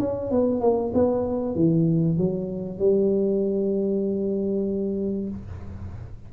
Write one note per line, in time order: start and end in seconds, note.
0.00 0.31 C#4
0.31 0.61 B3
0.61 0.93 A#3
0.94 1.55 B3
1.55 2.18 E3
2.18 2.79 F#3
2.79 5.29 G3